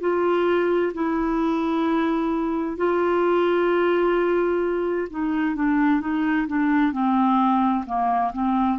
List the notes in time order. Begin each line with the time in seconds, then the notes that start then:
0.00 F4
0.93 E4
2.77 F4
5.10 D#4
5.55 D4
6.00 D#4
6.47 D4
6.92 C4
7.86 A#3
8.32 C4